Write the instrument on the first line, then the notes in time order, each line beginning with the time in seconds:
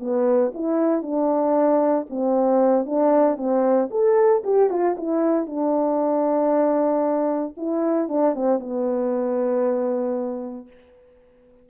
horn
0.00 B3
0.55 E4
1.02 D4
2.10 C4
2.86 D4
3.37 C4
3.91 A4
4.44 G4
4.70 F4
4.98 E4
5.46 D4
7.57 E4
8.09 D4
8.35 C4
8.59 B3